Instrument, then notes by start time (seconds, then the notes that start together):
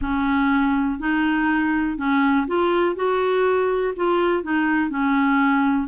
clarinet
0.00 C#4
0.99 D#4
1.97 C#4
2.47 F4
2.95 F#4
3.96 F4
4.43 D#4
4.90 C#4